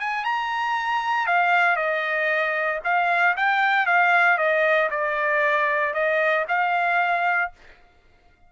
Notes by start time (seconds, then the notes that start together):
0.00 G#5
0.24 A#5
1.27 F5
1.77 D#5
2.84 F5
3.37 G5
3.87 F5
4.38 D#5
4.91 D5
5.94 D#5
6.48 F5